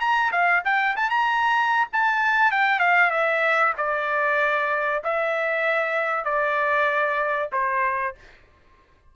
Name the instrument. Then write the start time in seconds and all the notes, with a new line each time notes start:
trumpet
0.00 A#5
0.32 F5
0.64 G5
0.96 A5
1.09 A#5
1.92 A5
2.51 G5
2.79 F5
3.11 E5
3.77 D5
5.03 E5
6.24 D5
7.52 C5